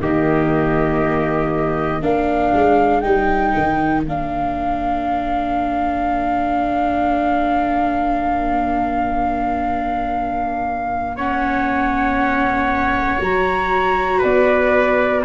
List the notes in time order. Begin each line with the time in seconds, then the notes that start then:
0.00 D#3 A#3 G4 D#5
2.02 A#3 D4 A#4 F5
2.54 G#3
3.00 G3 D#4 G5
3.57 D#3
4.06 A#3 D4 F5
11.17 C#4 C#5 F#5
13.19 F#3 F#4 A#5
14.19 B3 B4 D5